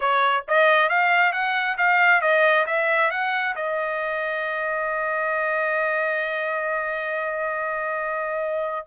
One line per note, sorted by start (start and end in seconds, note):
0.00 0.44 C#5
0.47 0.89 D#5
0.89 1.32 F5
1.32 1.76 F#5
1.77 2.21 F5
2.21 2.65 D#5
2.66 3.10 E5
3.10 3.55 F#5
3.55 8.86 D#5